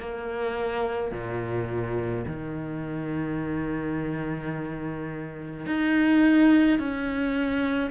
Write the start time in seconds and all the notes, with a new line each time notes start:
0.00 A#3
1.12 A#2
2.27 D#3
5.67 D#4
6.79 C#4